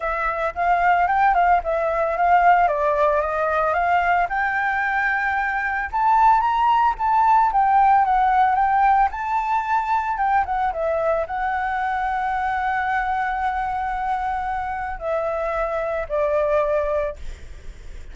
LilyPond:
\new Staff \with { instrumentName = "flute" } { \time 4/4 \tempo 4 = 112 e''4 f''4 g''8 f''8 e''4 | f''4 d''4 dis''4 f''4 | g''2. a''4 | ais''4 a''4 g''4 fis''4 |
g''4 a''2 g''8 fis''8 | e''4 fis''2.~ | fis''1 | e''2 d''2 | }